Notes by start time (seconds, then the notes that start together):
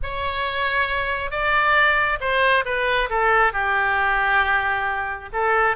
0.02 C#5
1.30 D5
2.20 C5
2.65 B4
3.09 A4
3.53 G4
5.32 A4